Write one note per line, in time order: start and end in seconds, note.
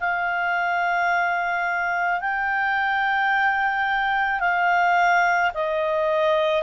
0.00 2.21 F5
2.21 4.40 G5
4.40 5.51 F5
5.55 6.63 D#5